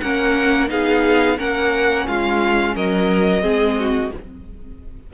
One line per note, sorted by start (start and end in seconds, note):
0.00 0.70 A#3
0.00 0.68 C#4
0.00 0.70 A#4
0.00 0.68 F#5
0.68 1.38 B3
0.68 1.36 D#4
0.68 1.38 G#4
0.68 1.38 F5
1.37 2.07 A#3
1.37 3.41 C#4
1.37 2.06 A#4
1.37 2.07 F#5
2.07 2.76 G#3
2.07 2.75 F4
2.07 2.75 F5
2.75 3.43 F#3
2.75 3.42 A#4
2.75 4.12 D#5
3.41 4.11 G#3
3.41 4.09 C4
3.41 3.76 G#4
3.79 4.13 F#4